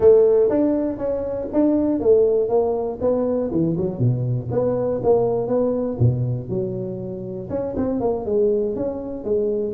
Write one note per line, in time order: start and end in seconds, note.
0.00 0.49 A3
0.49 0.97 D4
0.97 1.47 C#4
1.52 2.00 D4
2.00 2.49 A3
2.49 2.99 A#3
3.00 3.50 B3
3.51 3.76 E3
3.77 3.98 F#3
3.98 4.48 B2
4.51 5.01 B3
5.03 5.47 A#3
5.47 5.97 B3
5.99 6.49 B2
6.49 7.49 F#3
7.49 7.74 C#4
7.76 8.00 C4
8.00 8.25 A#3
8.25 8.75 G#3
8.75 9.24 C#4
9.24 9.74 G#3